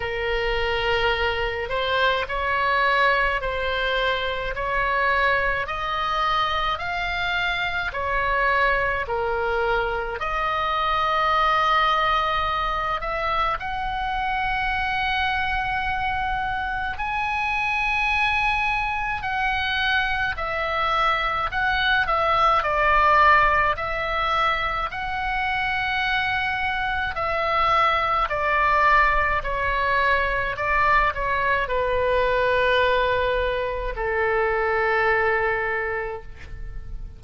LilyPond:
\new Staff \with { instrumentName = "oboe" } { \time 4/4 \tempo 4 = 53 ais'4. c''8 cis''4 c''4 | cis''4 dis''4 f''4 cis''4 | ais'4 dis''2~ dis''8 e''8 | fis''2. gis''4~ |
gis''4 fis''4 e''4 fis''8 e''8 | d''4 e''4 fis''2 | e''4 d''4 cis''4 d''8 cis''8 | b'2 a'2 | }